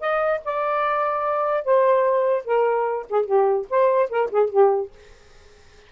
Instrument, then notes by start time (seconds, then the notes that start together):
saxophone
0.00 D#5
0.45 D5
1.64 C5
2.45 A#4
3.09 G#4
3.25 G4
3.70 C5
4.10 A#4
4.31 G#4
4.50 G4